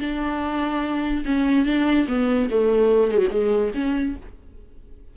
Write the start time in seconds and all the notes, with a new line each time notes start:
0.00 D4
1.25 C#4
1.66 D4
2.08 B3
2.51 A3
3.12 F#3 G#3
3.31 G#3
3.74 C#4